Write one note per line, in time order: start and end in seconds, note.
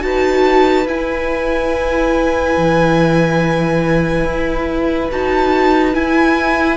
0.00 0.85 D#4
0.00 0.85 F#4
0.00 6.77 B4
0.00 0.87 A5
0.85 2.54 E4
0.85 5.10 E4
0.85 5.10 G#5
2.57 4.24 E3
4.24 5.09 E4
5.10 5.95 D#4
5.10 5.93 F#4
5.10 5.95 A5
5.93 6.77 E4
5.93 6.77 G#5